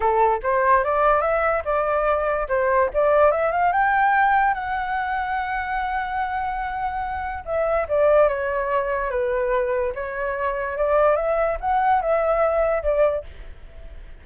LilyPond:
\new Staff \with { instrumentName = "flute" } { \time 4/4 \tempo 4 = 145 a'4 c''4 d''4 e''4 | d''2 c''4 d''4 | e''8 f''8 g''2 fis''4~ | fis''1~ |
fis''2 e''4 d''4 | cis''2 b'2 | cis''2 d''4 e''4 | fis''4 e''2 d''4 | }